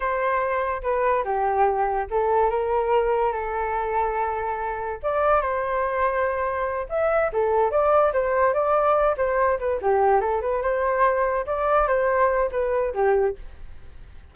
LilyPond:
\new Staff \with { instrumentName = "flute" } { \time 4/4 \tempo 4 = 144 c''2 b'4 g'4~ | g'4 a'4 ais'2 | a'1 | d''4 c''2.~ |
c''8 e''4 a'4 d''4 c''8~ | c''8 d''4. c''4 b'8 g'8~ | g'8 a'8 b'8 c''2 d''8~ | d''8 c''4. b'4 g'4 | }